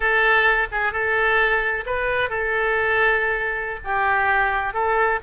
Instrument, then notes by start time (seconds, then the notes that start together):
oboe
0.00 A4
0.71 G#4
0.92 A4
1.85 B4
2.29 A4
3.84 G4
4.73 A4